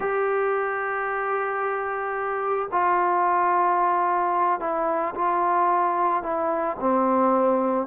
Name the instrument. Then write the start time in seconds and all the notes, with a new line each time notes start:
trombone
0.00 G4
2.71 F4
4.60 E4
5.14 F4
6.23 E4
6.80 C4